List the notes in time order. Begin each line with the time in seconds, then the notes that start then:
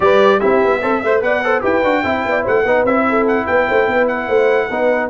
0.00 G3 G4 B4 D5
0.39 C4 E4 G4 E5
0.64 B3
0.81 C4 A4 C5
1.01 A3 C5 E5
1.21 B3 B4 D5 F#5
1.44 A4 C5
1.61 E4 G4 B4 G5
1.83 D4 F#4
2.02 C4 E4 E5
2.25 B3 D5
2.43 A3 C5 F#5
2.64 B3 D#4 B4
2.84 C4 E4 E5
3.09 A4
3.27 F#5
3.46 B3 B4 G5
3.68 A3 C5
3.87 B3 B4
4.07 F#5
4.27 A3 C5
4.70 B3 D#4 B4